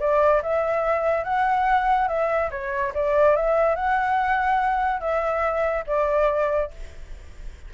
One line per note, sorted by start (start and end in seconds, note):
0.00 0.42 D5
0.43 1.24 E5
1.24 2.08 F#5
2.08 2.50 E5
2.51 2.93 C#5
2.95 3.36 D5
3.36 3.76 E5
3.76 5.01 F#5
5.01 5.85 E5
5.87 6.71 D5